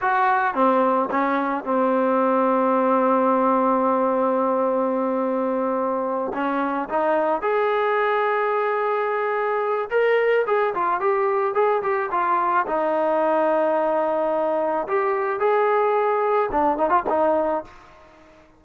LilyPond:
\new Staff \with { instrumentName = "trombone" } { \time 4/4 \tempo 4 = 109 fis'4 c'4 cis'4 c'4~ | c'1~ | c'2.~ c'8 cis'8~ | cis'8 dis'4 gis'2~ gis'8~ |
gis'2 ais'4 gis'8 f'8 | g'4 gis'8 g'8 f'4 dis'4~ | dis'2. g'4 | gis'2 d'8 dis'16 f'16 dis'4 | }